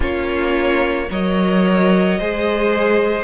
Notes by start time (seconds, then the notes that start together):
0.00 A#3 C#4 F4 C#5
1.10 F#3 A#4 C#5 D#5
2.19 G#3 G#4 C5